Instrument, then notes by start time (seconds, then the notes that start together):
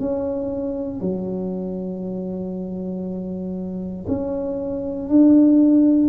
tuba
0.00 C#4
1.01 F#3
4.08 C#4
5.09 D4